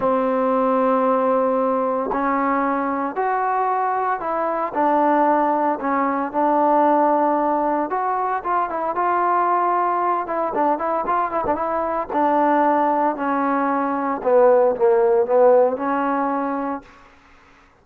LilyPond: \new Staff \with { instrumentName = "trombone" } { \time 4/4 \tempo 4 = 114 c'1 | cis'2 fis'2 | e'4 d'2 cis'4 | d'2. fis'4 |
f'8 e'8 f'2~ f'8 e'8 | d'8 e'8 f'8 e'16 d'16 e'4 d'4~ | d'4 cis'2 b4 | ais4 b4 cis'2 | }